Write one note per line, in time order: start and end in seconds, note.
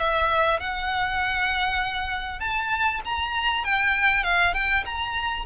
0.00 0.60 E5
0.60 2.40 F#5
2.40 3.01 A5
3.06 3.65 A#5
3.65 4.24 G5
4.24 4.54 F5
4.55 4.85 G5
4.86 5.46 A#5